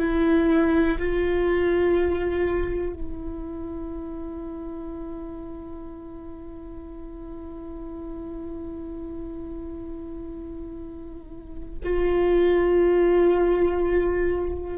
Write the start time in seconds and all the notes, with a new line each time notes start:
0.00 E4
0.99 F4
2.94 E4
11.84 F4